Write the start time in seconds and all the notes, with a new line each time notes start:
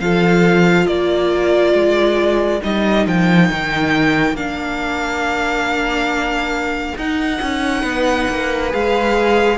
0.00 F3 F4 A4 F5
0.87 A#3 A#4 D5
1.74 G#3
2.62 G3 D#4 D#5
3.07 F3 G5
3.51 D#3
4.33 A#3 D4 F5
6.97 D#4 F#5
7.42 C#4
7.82 B3 B4
8.30 A#3
8.70 G#3 G#4 F5